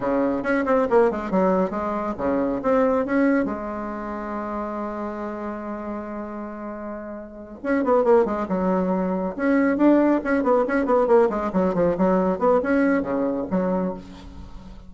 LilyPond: \new Staff \with { instrumentName = "bassoon" } { \time 4/4 \tempo 4 = 138 cis4 cis'8 c'8 ais8 gis8 fis4 | gis4 cis4 c'4 cis'4 | gis1~ | gis1~ |
gis4. cis'8 b8 ais8 gis8 fis8~ | fis4. cis'4 d'4 cis'8 | b8 cis'8 b8 ais8 gis8 fis8 f8 fis8~ | fis8 b8 cis'4 cis4 fis4 | }